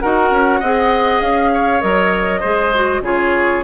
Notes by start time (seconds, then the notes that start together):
0.00 D#4 F#4 A#4 F#5
0.31 C#4
0.60 C4 G#4 D#5
1.21 C#4 F5
1.54 C#5
1.80 F#3 A#4 D#5
2.40 G#3 G#4 C5
2.74 F#4
3.01 C#3 F4 G#4 C#5